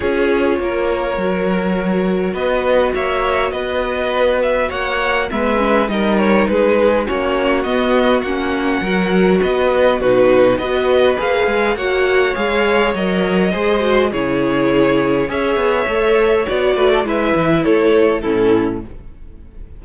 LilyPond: <<
  \new Staff \with { instrumentName = "violin" } { \time 4/4 \tempo 4 = 102 cis''1 | dis''4 e''4 dis''4. e''8 | fis''4 e''4 dis''8 cis''8 b'4 | cis''4 dis''4 fis''2 |
dis''4 b'4 dis''4 f''4 | fis''4 f''4 dis''2 | cis''2 e''2 | d''4 e''4 cis''4 a'4 | }
  \new Staff \with { instrumentName = "violin" } { \time 4/4 gis'4 ais'2. | b'4 cis''4 b'2 | cis''4 b'4 ais'4 gis'4 | fis'2. ais'4 |
b'4 fis'4 b'2 | cis''2. c''4 | gis'2 cis''2~ | cis''8 b'16 a'16 b'4 a'4 e'4 | }
  \new Staff \with { instrumentName = "viola" } { \time 4/4 f'2 fis'2~ | fis'1~ | fis'4 b8 cis'8 dis'2 | cis'4 b4 cis'4 fis'4~ |
fis'4 dis'4 fis'4 gis'4 | fis'4 gis'4 ais'4 gis'8 fis'8 | e'2 gis'4 a'4 | fis'4 e'2 cis'4 | }
  \new Staff \with { instrumentName = "cello" } { \time 4/4 cis'4 ais4 fis2 | b4 ais4 b2 | ais4 gis4 g4 gis4 | ais4 b4 ais4 fis4 |
b4 b,4 b4 ais8 gis8 | ais4 gis4 fis4 gis4 | cis2 cis'8 b8 a4 | b8 a8 gis8 e8 a4 a,4 | }
>>